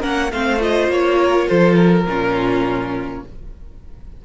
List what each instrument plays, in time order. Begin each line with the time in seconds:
0.00 cello A#3, viola C#4, violin A#4 F#5
0.32 cello A3, viola C4, violin C5 F5
0.58 viola F4, violin D#5
0.89 cello A#3, violin C#5
1.19 violin A#4
1.47 cello F3, violin A4 C5
1.75 violin A#4
2.06 cello A#2, viola C#4, violin F4